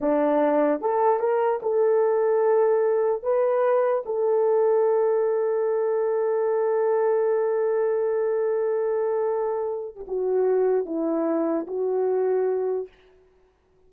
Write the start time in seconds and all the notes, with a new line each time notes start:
0.00 D4
0.81 A4
1.19 A#4
1.62 A4
3.23 B4
4.05 A4
9.95 G4
10.07 F#4
10.85 E4
11.67 F#4